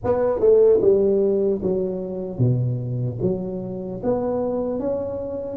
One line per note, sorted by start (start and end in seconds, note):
0.04 0.40 B3
0.40 0.80 A3
0.81 1.61 G3
1.62 2.38 F#3
2.38 3.18 B2
3.21 4.01 F#3
4.03 4.79 B3
4.79 5.57 C#4